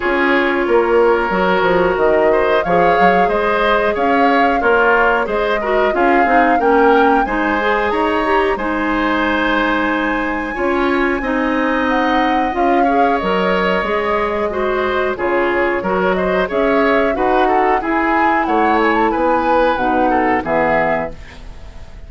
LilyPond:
<<
  \new Staff \with { instrumentName = "flute" } { \time 4/4 \tempo 4 = 91 cis''2. dis''4 | f''4 dis''4 f''4 cis''4 | dis''4 f''4 g''4 gis''4 | ais''4 gis''2.~ |
gis''2 fis''4 f''4 | dis''2. cis''4~ | cis''8 dis''8 e''4 fis''4 gis''4 | fis''8 gis''16 a''16 gis''4 fis''4 e''4 | }
  \new Staff \with { instrumentName = "oboe" } { \time 4/4 gis'4 ais'2~ ais'8 c''8 | cis''4 c''4 cis''4 f'4 | c''8 ais'8 gis'4 ais'4 c''4 | cis''4 c''2. |
cis''4 dis''2~ dis''8 cis''8~ | cis''2 c''4 gis'4 | ais'8 c''8 cis''4 b'8 a'8 gis'4 | cis''4 b'4. a'8 gis'4 | }
  \new Staff \with { instrumentName = "clarinet" } { \time 4/4 f'2 fis'2 | gis'2. ais'4 | gis'8 fis'8 f'8 dis'8 cis'4 dis'8 gis'8~ | gis'8 g'8 dis'2. |
f'4 dis'2 f'8 gis'8 | ais'4 gis'4 fis'4 f'4 | fis'4 gis'4 fis'4 e'4~ | e'2 dis'4 b4 | }
  \new Staff \with { instrumentName = "bassoon" } { \time 4/4 cis'4 ais4 fis8 f8 dis4 | f8 fis8 gis4 cis'4 ais4 | gis4 cis'8 c'8 ais4 gis4 | dis'4 gis2. |
cis'4 c'2 cis'4 | fis4 gis2 cis4 | fis4 cis'4 dis'4 e'4 | a4 b4 b,4 e4 | }
>>